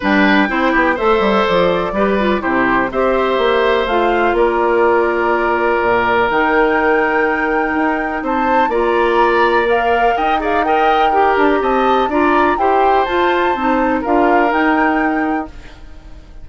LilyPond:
<<
  \new Staff \with { instrumentName = "flute" } { \time 4/4 \tempo 4 = 124 g''2 e''4 d''4~ | d''4 c''4 e''2 | f''4 d''2.~ | d''4 g''2.~ |
g''4 a''4 ais''2 | f''4 g''8 f''8 g''4. a''16 ais''16 | a''4 ais''4 g''4 a''4~ | a''4 f''4 g''2 | }
  \new Staff \with { instrumentName = "oboe" } { \time 4/4 b'4 c''8 g'8 c''2 | b'4 g'4 c''2~ | c''4 ais'2.~ | ais'1~ |
ais'4 c''4 d''2~ | d''4 dis''8 d''8 dis''4 ais'4 | dis''4 d''4 c''2~ | c''4 ais'2. | }
  \new Staff \with { instrumentName = "clarinet" } { \time 4/4 d'4 e'4 a'2 | g'8 f'8 e'4 g'2 | f'1~ | f'4 dis'2.~ |
dis'2 f'2 | ais'4. gis'8 ais'4 g'4~ | g'4 f'4 g'4 f'4 | dis'4 f'4 dis'2 | }
  \new Staff \with { instrumentName = "bassoon" } { \time 4/4 g4 c'8 b8 a8 g8 f4 | g4 c4 c'4 ais4 | a4 ais2. | ais,4 dis2. |
dis'4 c'4 ais2~ | ais4 dis'2~ dis'8 d'8 | c'4 d'4 e'4 f'4 | c'4 d'4 dis'2 | }
>>